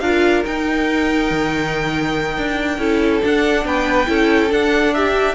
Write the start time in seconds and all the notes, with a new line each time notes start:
0.00 D4 F4 A#4 F5
0.46 D#4 G5
1.31 D#3
2.38 D4
2.78 C#4 E4 A4
3.22 D4 F#5
3.65 B3 B4 G5
4.06 C#4 E4 A4
4.51 D4 F#5
4.94 G4 E5